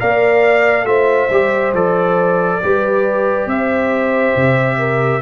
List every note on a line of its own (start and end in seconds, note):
0.00 0.85 A#3
0.00 0.86 A#4
0.00 0.87 D5
0.00 0.86 F5
0.85 1.28 A3
0.85 1.29 F4
0.85 2.62 C5
0.85 1.73 E5
1.30 1.73 G3
1.30 1.75 G4
1.73 2.60 F3
1.73 2.62 A4
1.73 3.49 D5
2.62 3.47 G3
2.62 5.22 G4
2.62 3.50 B4
3.47 4.34 C4
3.47 4.78 C5
3.47 5.22 E5
4.36 5.22 C3
4.78 5.21 A#4